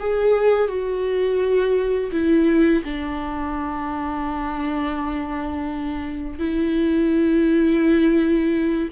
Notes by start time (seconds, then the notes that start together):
0.00 G#4
0.69 F#4
2.12 E4
2.85 D4
6.39 E4